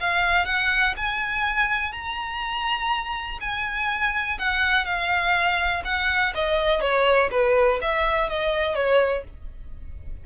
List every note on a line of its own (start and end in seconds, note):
0.00 0.45 F5
0.45 0.94 F#5
0.96 1.92 G#5
1.92 3.38 A#5
3.40 4.38 G#5
4.38 4.84 F#5
4.84 5.82 F5
5.84 6.33 F#5
6.34 6.81 D#5
6.81 7.29 C#5
7.31 7.79 B4
7.81 8.29 E5
8.29 8.75 D#5
8.75 9.23 C#5